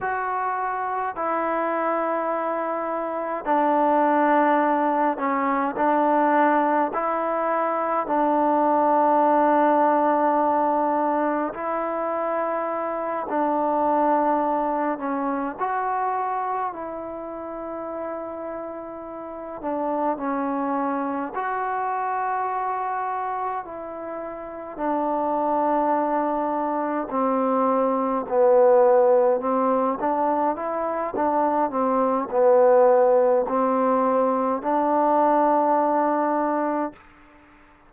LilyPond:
\new Staff \with { instrumentName = "trombone" } { \time 4/4 \tempo 4 = 52 fis'4 e'2 d'4~ | d'8 cis'8 d'4 e'4 d'4~ | d'2 e'4. d'8~ | d'4 cis'8 fis'4 e'4.~ |
e'4 d'8 cis'4 fis'4.~ | fis'8 e'4 d'2 c'8~ | c'8 b4 c'8 d'8 e'8 d'8 c'8 | b4 c'4 d'2 | }